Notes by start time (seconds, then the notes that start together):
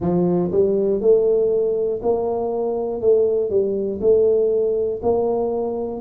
0.00 F3
0.50 G3
1.00 A3
2.02 A#3
3.01 A3
3.50 G3
4.00 A3
5.02 A#3